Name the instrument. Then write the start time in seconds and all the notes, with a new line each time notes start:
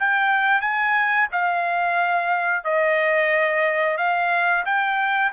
trumpet
0.00 G5
0.62 G#5
1.32 F5
2.65 D#5
3.98 F5
4.66 G5